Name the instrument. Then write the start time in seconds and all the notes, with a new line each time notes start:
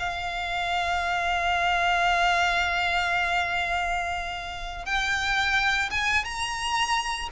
violin
0.00 F5
4.86 G5
5.91 G#5
6.25 A#5